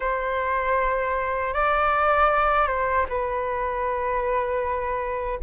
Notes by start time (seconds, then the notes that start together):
0.00 C5
1.53 D5
2.67 C5
3.08 B4